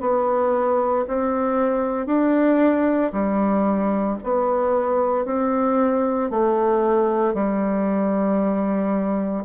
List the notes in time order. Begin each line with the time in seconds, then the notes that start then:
0.00 B3
1.08 C4
2.06 D4
3.12 G3
4.23 B3
5.25 C4
6.30 A3
7.33 G3